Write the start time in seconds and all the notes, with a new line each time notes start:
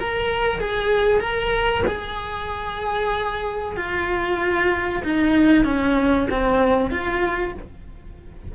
0.00 A#4
0.61 G#4
1.20 A#4
1.87 G#4
3.77 F4
5.04 D#4
5.65 C#4
6.31 C4
6.91 F4